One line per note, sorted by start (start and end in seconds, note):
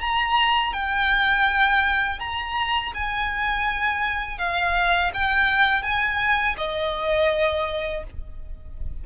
0.00 0.73 A#5
0.73 2.19 G5
2.19 2.92 A#5
2.94 4.38 G#5
4.38 5.11 F5
5.14 5.82 G5
5.82 6.56 G#5
6.57 8.04 D#5